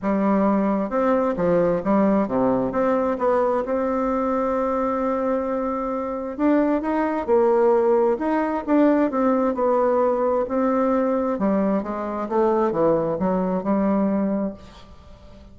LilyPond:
\new Staff \with { instrumentName = "bassoon" } { \time 4/4 \tempo 4 = 132 g2 c'4 f4 | g4 c4 c'4 b4 | c'1~ | c'2 d'4 dis'4 |
ais2 dis'4 d'4 | c'4 b2 c'4~ | c'4 g4 gis4 a4 | e4 fis4 g2 | }